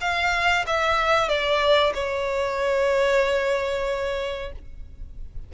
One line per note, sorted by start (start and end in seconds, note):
0.00 0.65 F5
0.66 1.28 E5
1.28 1.93 D5
1.94 4.52 C#5